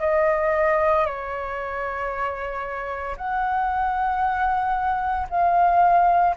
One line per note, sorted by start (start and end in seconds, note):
0.00 1.05 D#5
1.05 3.16 C#5
3.17 5.27 F#5
5.30 6.35 F5